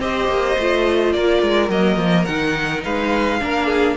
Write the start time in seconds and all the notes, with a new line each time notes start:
0.00 C4 G4 C5 D#5
0.28 A#3
0.58 A3 F4
1.13 A#3 A#4 D5
1.43 G#3
1.69 F#3 A#3 D#5
1.97 F3
2.25 D#3 D#4 F#5
2.84 G#3 B4 F5
3.41 A#3 D4 A#4
3.67 G#4